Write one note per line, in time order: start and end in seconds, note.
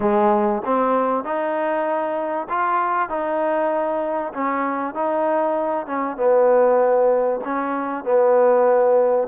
0.00 0.62 G#3
0.65 1.24 C4
1.24 2.47 D#4
2.49 3.09 F4
3.09 4.32 D#4
4.33 4.94 C#4
4.94 5.86 D#4
5.86 6.16 C#4
6.16 7.40 B3
7.44 8.04 C#4
8.04 9.28 B3